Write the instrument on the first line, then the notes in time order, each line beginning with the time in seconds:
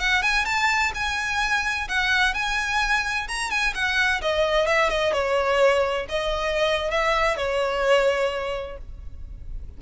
violin
0.00 F#5
0.23 G#5
0.46 A5
0.95 G#5
1.89 F#5
2.34 G#5
3.28 A#5
3.50 G#5
3.75 F#5
4.22 D#5
4.67 E5
4.90 D#5
5.13 C#5
6.09 D#5
6.91 E5
7.37 C#5